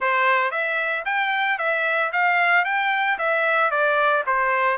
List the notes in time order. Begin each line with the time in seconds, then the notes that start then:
0.00 C5
0.51 E5
1.05 G5
1.58 E5
2.12 F5
2.65 G5
3.18 E5
3.70 D5
4.26 C5